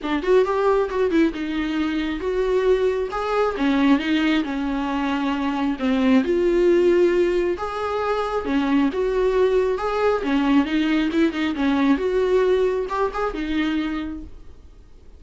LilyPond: \new Staff \with { instrumentName = "viola" } { \time 4/4 \tempo 4 = 135 d'8 fis'8 g'4 fis'8 e'8 dis'4~ | dis'4 fis'2 gis'4 | cis'4 dis'4 cis'2~ | cis'4 c'4 f'2~ |
f'4 gis'2 cis'4 | fis'2 gis'4 cis'4 | dis'4 e'8 dis'8 cis'4 fis'4~ | fis'4 g'8 gis'8 dis'2 | }